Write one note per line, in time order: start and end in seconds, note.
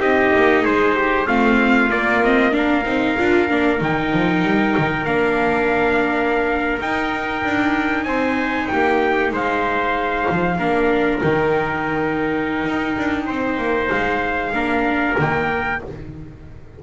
0.00 0.32 C4
0.00 1.27 D#4
0.00 0.63 G4
0.00 0.65 D#5
0.36 0.65 A#3
0.63 1.27 G#3
0.63 0.94 G#4
0.63 1.28 C5
0.95 1.27 G4
1.27 1.91 A3
1.27 1.90 C4
1.27 2.54 F4
1.27 1.91 F5
1.91 2.85 A#3
1.91 2.24 A#3
1.91 2.23 D5
2.24 2.52 C4
2.24 2.54 D#5
2.52 2.83 D4
2.52 8.08 A#4
2.52 3.80 F5
2.85 3.17 C4
2.85 3.18 D#4
3.18 3.50 D4
3.18 3.49 F4
3.49 3.81 A#3
3.49 3.78 D4
3.78 4.13 D#3
3.78 5.04 D#4
3.78 5.06 G5
4.13 4.43 F3
4.43 4.74 G3
4.78 5.06 D#3
5.06 6.79 A#3
5.06 6.81 D4
5.06 6.79 F5
6.81 7.44 D#4
6.81 10.60 D#4
6.81 8.04 G5
7.45 8.05 D4
8.04 8.68 C4
8.04 8.71 C5
8.04 8.67 G#5
8.68 9.31 A#3
8.68 9.33 G4
8.68 9.31 G5
9.31 10.26 G#3
9.31 10.59 C5
9.31 11.22 F5
10.31 10.59 F3
10.59 11.22 A#3
10.59 11.22 D4
10.59 13.26 A#4
11.22 12.66 D#3
11.22 14.53 D#4
11.22 13.91 G5
12.66 12.97 D#4
12.98 13.29 D4
13.26 13.58 C4
13.26 14.52 C5
13.58 13.90 A#3
13.91 14.53 G#3
13.91 15.17 F5
14.53 15.16 A#3
14.53 15.17 D4
14.53 15.82 A#4
15.18 15.82 D#3
15.18 15.81 A#3
15.18 15.83 G5